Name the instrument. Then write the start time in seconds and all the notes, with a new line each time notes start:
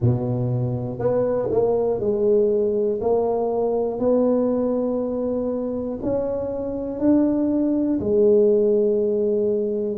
tuba
0.01 B2
0.99 B3
1.50 A#3
2.00 G#3
3.00 A#3
3.99 B3
6.02 C#4
6.99 D4
8.00 G#3